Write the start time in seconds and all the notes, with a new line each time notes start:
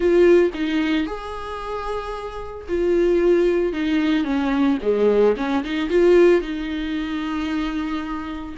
0.00 F4
0.54 D#4
1.06 G#4
2.68 F4
3.72 D#4
4.24 C#4
4.82 G#3
5.36 C#4
5.64 D#4
5.89 F4
6.41 D#4